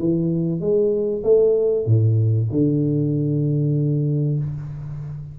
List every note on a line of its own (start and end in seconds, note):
0.00 0.61 E3
0.61 1.23 G#3
1.24 1.86 A3
1.86 2.49 A2
2.52 4.39 D3